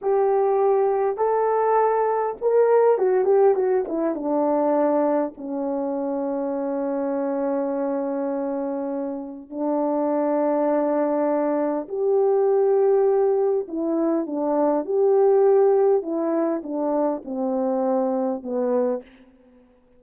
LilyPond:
\new Staff \with { instrumentName = "horn" } { \time 4/4 \tempo 4 = 101 g'2 a'2 | ais'4 fis'8 g'8 fis'8 e'8 d'4~ | d'4 cis'2.~ | cis'1 |
d'1 | g'2. e'4 | d'4 g'2 e'4 | d'4 c'2 b4 | }